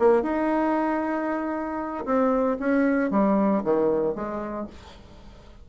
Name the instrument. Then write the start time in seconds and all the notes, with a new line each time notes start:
bassoon
0.00 A#3
0.23 D#4
2.06 C4
2.60 C#4
3.11 G3
3.64 D#3
4.15 G#3